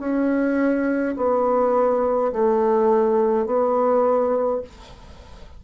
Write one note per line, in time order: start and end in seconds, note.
0.00 1.15 C#4
1.17 2.32 B3
2.33 3.46 A3
3.46 4.62 B3